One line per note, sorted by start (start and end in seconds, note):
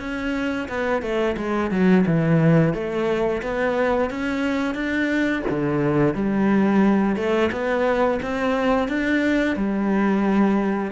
0.00 0.68 C#4
0.69 1.02 B3
1.02 1.36 A3
1.37 1.71 G#3
1.71 2.05 F#3
2.06 2.74 E3
2.74 3.42 A3
3.42 4.10 B3
4.10 4.75 C#4
4.75 5.43 D4
5.50 6.15 D3
6.15 7.16 G3
7.16 7.50 A3
7.52 8.20 B3
8.22 8.89 C4
8.89 9.56 D4
9.56 10.92 G3